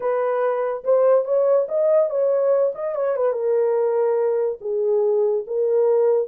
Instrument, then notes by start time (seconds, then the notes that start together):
horn
0.00 B4
0.84 C5
1.25 C#5
1.68 D#5
2.10 C#5
2.74 D#5
2.95 C#5
3.16 B4
3.32 A#4
4.60 G#4
5.46 A#4